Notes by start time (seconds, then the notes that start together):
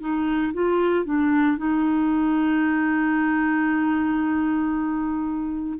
0.00 D#4
0.53 F4
1.05 D4
1.57 D#4